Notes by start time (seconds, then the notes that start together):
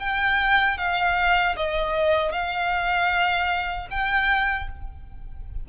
0.00 G5
0.78 F5
1.57 D#5
2.32 F5
3.91 G5